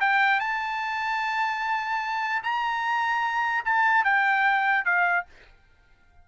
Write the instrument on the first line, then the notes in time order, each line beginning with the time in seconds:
trumpet
0.00 G5
0.40 A5
2.43 A#5
3.65 A5
4.04 G5
4.85 F5